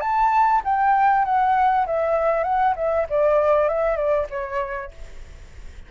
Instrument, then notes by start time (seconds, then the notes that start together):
flute
0.00 A5
0.64 G5
1.24 F#5
1.86 E5
2.43 F#5
2.76 E5
3.09 D5
3.68 E5
3.96 D5
4.30 C#5